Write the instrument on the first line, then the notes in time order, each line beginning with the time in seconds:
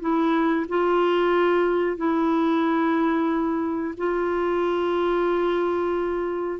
clarinet
0.00 E4
0.68 F4
1.97 E4
3.97 F4